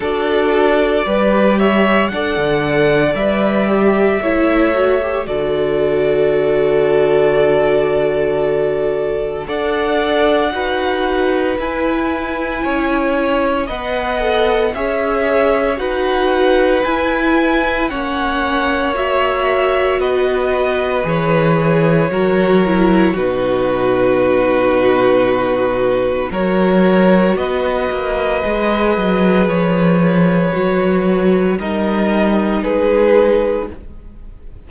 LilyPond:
<<
  \new Staff \with { instrumentName = "violin" } { \time 4/4 \tempo 4 = 57 d''4. e''8 fis''4 e''4~ | e''4 d''2.~ | d''4 fis''2 gis''4~ | gis''4 fis''4 e''4 fis''4 |
gis''4 fis''4 e''4 dis''4 | cis''2 b'2~ | b'4 cis''4 dis''2 | cis''2 dis''4 b'4 | }
  \new Staff \with { instrumentName = "violin" } { \time 4/4 a'4 b'8 cis''8 d''2 | cis''4 a'2.~ | a'4 d''4 b'2 | cis''4 dis''4 cis''4 b'4~ |
b'4 cis''2 b'4~ | b'4 ais'4 fis'2~ | fis'4 ais'4 b'2~ | b'2 ais'4 gis'4 | }
  \new Staff \with { instrumentName = "viola" } { \time 4/4 fis'4 g'4 a'4 b'8 g'8 | e'8 fis'16 g'16 fis'2.~ | fis'4 a'4 fis'4 e'4~ | e'4 b'8 a'8 gis'4 fis'4 |
e'4 cis'4 fis'2 | gis'4 fis'8 e'8 dis'2~ | dis'4 fis'2 gis'4~ | gis'4 fis'4 dis'2 | }
  \new Staff \with { instrumentName = "cello" } { \time 4/4 d'4 g4 d'16 d8. g4 | a4 d2.~ | d4 d'4 dis'4 e'4 | cis'4 b4 cis'4 dis'4 |
e'4 ais2 b4 | e4 fis4 b,2~ | b,4 fis4 b8 ais8 gis8 fis8 | f4 fis4 g4 gis4 | }
>>